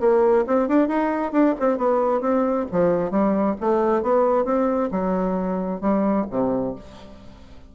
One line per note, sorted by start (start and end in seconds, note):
0.00 0.45 A#3
0.47 0.68 C4
0.68 0.88 D4
0.88 1.32 D#4
1.32 1.54 D4
1.60 1.77 C4
1.77 2.21 B3
2.21 2.66 C4
2.72 3.11 F3
3.11 3.55 G3
3.60 4.03 A3
4.03 4.45 B3
4.45 4.90 C4
4.91 5.81 F#3
5.81 6.25 G3
6.31 6.75 C3